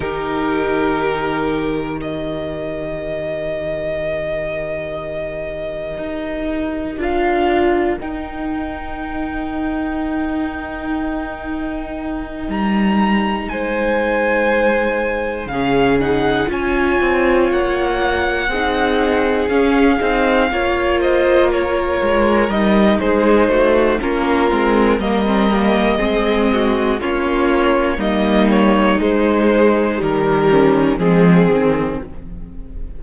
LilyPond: <<
  \new Staff \with { instrumentName = "violin" } { \time 4/4 \tempo 4 = 60 ais'2 dis''2~ | dis''2. f''4 | g''1~ | g''8 ais''4 gis''2 f''8 |
fis''8 gis''4 fis''2 f''8~ | f''4 dis''8 cis''4 dis''8 c''4 | ais'4 dis''2 cis''4 | dis''8 cis''8 c''4 ais'4 gis'4 | }
  \new Staff \with { instrumentName = "violin" } { \time 4/4 g'2 ais'2~ | ais'1~ | ais'1~ | ais'4. c''2 gis'8~ |
gis'8 cis''2 gis'4.~ | gis'8 cis''8 c''8 ais'4. gis'8 fis'8 | f'4 ais'4 gis'8 fis'8 f'4 | dis'2~ dis'8 cis'8 c'4 | }
  \new Staff \with { instrumentName = "viola" } { \time 4/4 dis'2 g'2~ | g'2. f'4 | dis'1~ | dis'2.~ dis'8 cis'8 |
dis'8 f'2 dis'4 cis'8 | dis'8 f'2 dis'4. | cis'8 c'8 ais16 c'16 ais8 c'4 cis'4 | ais4 gis4 g4 gis8 c'8 | }
  \new Staff \with { instrumentName = "cello" } { \time 4/4 dis1~ | dis2 dis'4 d'4 | dis'1~ | dis'8 g4 gis2 cis8~ |
cis8 cis'8 c'8 ais4 c'4 cis'8 | c'8 ais4. gis8 g8 gis8 a8 | ais8 gis8 g4 gis4 ais4 | g4 gis4 dis4 f8 dis8 | }
>>